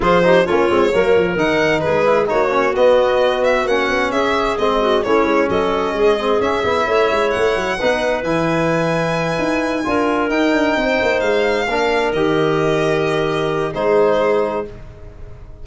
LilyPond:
<<
  \new Staff \with { instrumentName = "violin" } { \time 4/4 \tempo 4 = 131 c''4 cis''2 fis''4 | b'4 cis''4 dis''4. e''8 | fis''4 e''4 dis''4 cis''4 | dis''2 e''2 |
fis''2 gis''2~ | gis''2~ gis''8 g''4.~ | g''8 f''2 dis''4.~ | dis''2 c''2 | }
  \new Staff \with { instrumentName = "clarinet" } { \time 4/4 gis'8 g'8 f'4 ais'2 | gis'4 fis'2.~ | fis'4 gis'4. fis'8 e'4 | a'4 gis'2 cis''4~ |
cis''4 b'2.~ | b'4. ais'2 c''8~ | c''4. ais'2~ ais'8~ | ais'2 gis'2 | }
  \new Staff \with { instrumentName = "trombone" } { \time 4/4 f'8 dis'8 cis'8 c'8 ais4 dis'4~ | dis'8 e'8 dis'8 cis'8 b2 | cis'2 c'4 cis'4~ | cis'4. c'8 cis'8 e'4.~ |
e'4 dis'4 e'2~ | e'4. f'4 dis'4.~ | dis'4. d'4 g'4.~ | g'2 dis'2 | }
  \new Staff \with { instrumentName = "tuba" } { \time 4/4 f4 ais8 gis8 fis8 f8 dis4 | gis4 ais4 b2 | ais8 b8 cis'4 gis4 a8 gis8 | fis4 gis4 cis'8 b8 a8 gis8 |
a8 fis8 b4 e2~ | e8 dis'4 d'4 dis'8 d'8 c'8 | ais8 gis4 ais4 dis4.~ | dis2 gis2 | }
>>